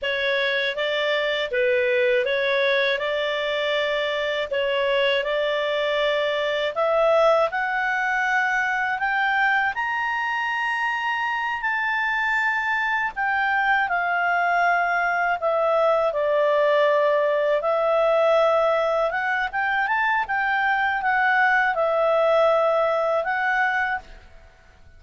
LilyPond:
\new Staff \with { instrumentName = "clarinet" } { \time 4/4 \tempo 4 = 80 cis''4 d''4 b'4 cis''4 | d''2 cis''4 d''4~ | d''4 e''4 fis''2 | g''4 ais''2~ ais''8 a''8~ |
a''4. g''4 f''4.~ | f''8 e''4 d''2 e''8~ | e''4. fis''8 g''8 a''8 g''4 | fis''4 e''2 fis''4 | }